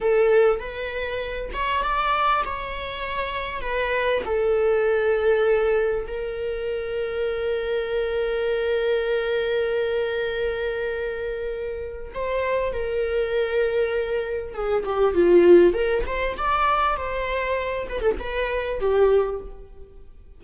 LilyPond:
\new Staff \with { instrumentName = "viola" } { \time 4/4 \tempo 4 = 99 a'4 b'4. cis''8 d''4 | cis''2 b'4 a'4~ | a'2 ais'2~ | ais'1~ |
ais'1 | c''4 ais'2. | gis'8 g'8 f'4 ais'8 c''8 d''4 | c''4. b'16 a'16 b'4 g'4 | }